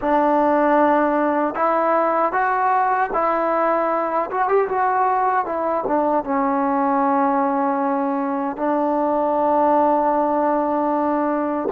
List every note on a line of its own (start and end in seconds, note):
0.01 1.54 D4
1.54 2.32 E4
2.32 3.10 F#4
3.13 4.30 E4
4.30 4.48 F#4
4.48 4.68 G4
4.69 5.45 F#4
5.45 5.84 E4
5.87 6.24 D4
6.24 8.56 C#4
8.56 11.68 D4